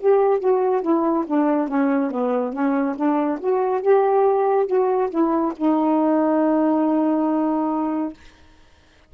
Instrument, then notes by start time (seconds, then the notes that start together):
saxophone
0.00 G4
0.40 F#4
0.82 E4
1.27 D4
1.68 C#4
2.11 B3
2.53 C#4
2.96 D4
3.40 F#4
3.82 G4
4.67 F#4
5.10 E4
5.57 D#4